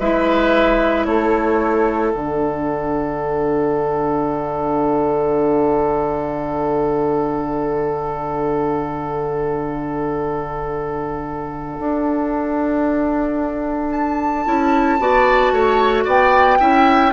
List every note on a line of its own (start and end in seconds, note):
0.00 1.06 G#3
0.00 2.15 E4
0.00 1.07 B4
0.00 1.05 E5
1.05 2.13 A3
1.05 15.01 A4
1.05 2.11 C#5
2.11 11.79 D3
2.11 14.45 D4
2.11 13.90 F#5
11.80 14.46 D4
13.92 16.06 A5
14.45 15.00 C#4
14.45 14.99 E4
15.00 15.52 B3
15.00 16.60 F#4
15.00 15.54 D5
15.52 16.06 A3
15.52 16.05 C#5
16.05 16.60 B3
16.05 16.58 D5
16.05 17.13 G5
16.60 17.13 C#4
16.60 17.13 E4
16.60 17.13 E5